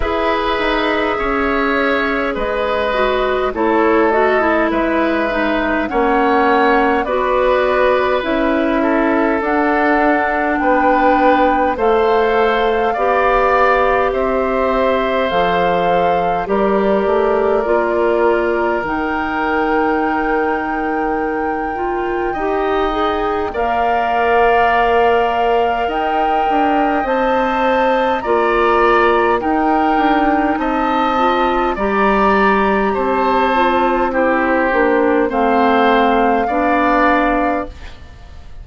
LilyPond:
<<
  \new Staff \with { instrumentName = "flute" } { \time 4/4 \tempo 4 = 51 e''2 dis''4 cis''8 dis''8 | e''4 fis''4 d''4 e''4 | fis''4 g''4 f''2 | e''4 f''4 d''2 |
g''1 | f''2 g''4 a''4 | ais''4 g''4 a''4 ais''4 | a''4 c''4 f''2 | }
  \new Staff \with { instrumentName = "oboe" } { \time 4/4 b'4 cis''4 b'4 a'4 | b'4 cis''4 b'4. a'8~ | a'4 b'4 c''4 d''4 | c''2 ais'2~ |
ais'2. dis''4 | d''2 dis''2 | d''4 ais'4 dis''4 d''4 | c''4 g'4 c''4 d''4 | }
  \new Staff \with { instrumentName = "clarinet" } { \time 4/4 gis'2~ gis'8 fis'8 e'8 fis'16 e'16~ | e'8 dis'8 cis'4 fis'4 e'4 | d'2 a'4 g'4~ | g'4 a'4 g'4 f'4 |
dis'2~ dis'8 f'8 g'8 gis'8 | ais'2. c''4 | f'4 dis'4. f'8 g'4~ | g'8 f'8 e'8 d'8 c'4 d'4 | }
  \new Staff \with { instrumentName = "bassoon" } { \time 4/4 e'8 dis'8 cis'4 gis4 a4 | gis4 ais4 b4 cis'4 | d'4 b4 a4 b4 | c'4 f4 g8 a8 ais4 |
dis2. dis'4 | ais2 dis'8 d'8 c'4 | ais4 dis'8 d'8 c'4 g4 | c'4. ais8 a4 b4 | }
>>